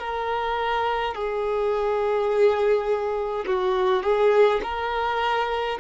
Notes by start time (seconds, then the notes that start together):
0.00 A#4
1.15 G#4
3.47 F#4
4.03 G#4
4.64 A#4